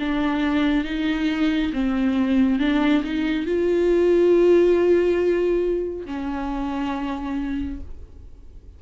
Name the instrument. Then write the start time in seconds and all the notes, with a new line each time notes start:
viola
0.00 D4
0.85 D#4
1.73 C4
2.60 D4
3.04 D#4
3.47 F4
6.07 C#4